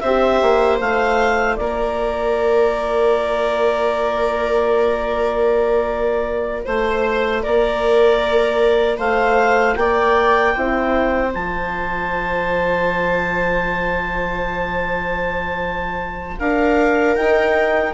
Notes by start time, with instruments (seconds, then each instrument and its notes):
0.00 bassoon C4, horn G4, viola C5, clarinet E5
0.42 bassoon A#3
0.80 bassoon A3, horn F4, clarinet F5
1.56 bassoon A#3, viola A#4, clarinet D5
6.64 bassoon A3, clarinet C5, viola C5
7.43 bassoon A#3, viola A#4, clarinet D5
8.98 bassoon A3, viola C5, clarinet F5
9.75 bassoon A#3, viola D5, clarinet G5
10.54 bassoon C4, horn E4, viola C5
11.33 bassoon F3, horn F4, clarinet A5
16.39 bassoon D4, viola A#4, clarinet F5
17.16 horn D#4, bassoon D#4, clarinet G5